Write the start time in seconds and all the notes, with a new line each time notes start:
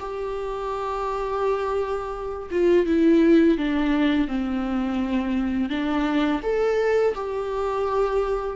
0.00 G4
2.51 F4
2.87 E4
3.58 D4
4.28 C4
5.70 D4
6.44 A4
7.15 G4